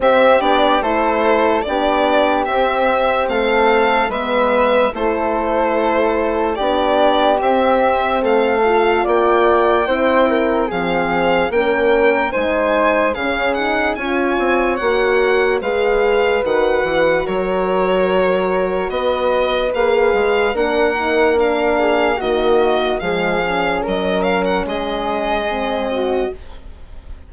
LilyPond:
<<
  \new Staff \with { instrumentName = "violin" } { \time 4/4 \tempo 4 = 73 e''8 d''8 c''4 d''4 e''4 | f''4 e''4 c''2 | d''4 e''4 f''4 g''4~ | g''4 f''4 g''4 gis''4 |
f''8 fis''8 gis''4 fis''4 f''4 | fis''4 cis''2 dis''4 | f''4 fis''4 f''4 dis''4 | f''4 dis''8 f''16 fis''16 dis''2 | }
  \new Staff \with { instrumentName = "flute" } { \time 4/4 g'4 a'4 g'2 | a'4 b'4 a'2 | g'2 a'4 d''4 | c''8 ais'8 gis'4 ais'4 c''4 |
gis'4 cis''2 b'4~ | b'4 ais'2 b'4~ | b'4 ais'4. gis'8 fis'4 | gis'4 ais'4 gis'4. fis'8 | }
  \new Staff \with { instrumentName = "horn" } { \time 4/4 c'8 d'8 e'4 d'4 c'4~ | c'4 b4 e'2 | d'4 c'4. f'4. | e'4 c'4 cis'4 dis'4 |
cis'8 dis'8 f'4 fis'4 gis'4 | fis'1 | gis'4 d'8 dis'8 d'4 ais4 | gis8 cis'2~ cis'8 c'4 | }
  \new Staff \with { instrumentName = "bassoon" } { \time 4/4 c'8 b8 a4 b4 c'4 | a4 gis4 a2 | b4 c'4 a4 ais4 | c'4 f4 ais4 gis4 |
cis4 cis'8 c'8 ais4 gis4 | dis8 e8 fis2 b4 | ais8 gis8 ais2 dis4 | f4 fis4 gis2 | }
>>